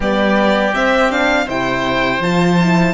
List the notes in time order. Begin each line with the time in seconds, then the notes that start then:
0.00 G3 B3 G4 D5
0.73 C4 E5
1.10 D4 F5
1.45 C3 E4 C5 G5
2.19 F3 F4 A5
2.60 E4